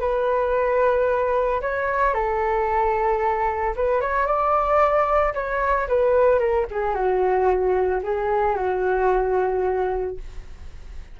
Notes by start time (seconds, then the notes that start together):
0.00 B4
1.61 C#5
2.14 A4
3.76 B4
4.01 C#5
4.26 D5
5.34 C#5
5.88 B4
6.39 A#4
6.71 G#4
6.94 F#4
8.03 G#4
8.56 F#4